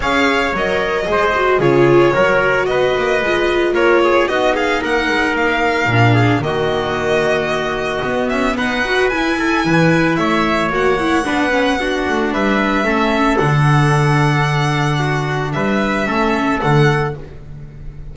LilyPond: <<
  \new Staff \with { instrumentName = "violin" } { \time 4/4 \tempo 4 = 112 f''4 dis''2 cis''4~ | cis''4 dis''2 cis''4 | dis''8 f''8 fis''4 f''2 | dis''2.~ dis''8 e''8 |
fis''4 gis''2 e''4 | fis''2. e''4~ | e''4 fis''2.~ | fis''4 e''2 fis''4 | }
  \new Staff \with { instrumentName = "trumpet" } { \time 4/4 cis''2 c''4 gis'4 | ais'4 b'2 ais'8 gis'8 | fis'8 gis'8 ais'2~ ais'8 gis'8 | fis'1 |
b'4. a'8 b'4 cis''4~ | cis''4 b'4 fis'4 b'4 | a'1 | fis'4 b'4 a'2 | }
  \new Staff \with { instrumentName = "viola" } { \time 4/4 gis'4 ais'4 gis'8 fis'8 f'4 | fis'2 f'2 | dis'2. d'4 | ais2. b4~ |
b8 fis'8 e'2. | fis'8 e'8 d'8 cis'8 d'2 | cis'4 d'2.~ | d'2 cis'4 a4 | }
  \new Staff \with { instrumentName = "double bass" } { \time 4/4 cis'4 fis4 gis4 cis4 | fis4 b8 ais8 gis4 ais4 | b4 ais8 gis8 ais4 ais,4 | dis2. b8 cis'8 |
dis'4 e'4 e4 a4 | ais4 b4. a8 g4 | a4 d2.~ | d4 g4 a4 d4 | }
>>